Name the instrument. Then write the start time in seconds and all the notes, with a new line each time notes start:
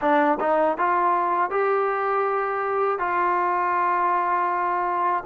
trombone
0.01 D4
0.40 D#4
0.77 F4
1.50 G4
2.98 F4